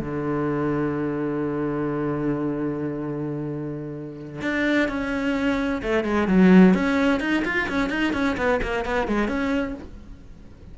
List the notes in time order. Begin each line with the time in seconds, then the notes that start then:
0.00 D3
4.42 D4
4.88 C#4
5.82 A3
6.04 G#3
6.28 F#3
6.74 C#4
7.20 D#4
7.45 F4
7.69 C#4
7.90 D#4
8.13 C#4
8.37 B3
8.62 A#3
8.85 B3
9.07 G#3
9.28 C#4